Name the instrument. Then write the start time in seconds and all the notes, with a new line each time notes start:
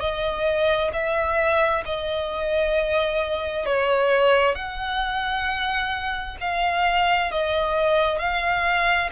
violin
0.00 D#5
0.93 E5
1.85 D#5
3.66 C#5
4.55 F#5
6.40 F5
7.31 D#5
8.19 F5